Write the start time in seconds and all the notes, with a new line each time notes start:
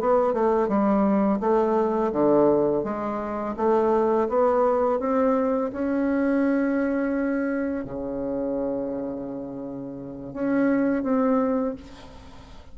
0.00 B3
0.33 A3
0.68 G3
1.40 A3
2.12 D3
2.84 G#3
3.56 A3
4.29 B3
4.99 C4
5.73 C#4
7.84 C#3
10.33 C#4
11.03 C4